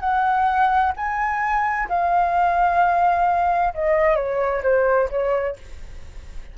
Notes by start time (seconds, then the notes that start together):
0.00 F#5
0.97 G#5
1.89 F5
3.74 D#5
4.16 C#5
4.63 C5
5.10 C#5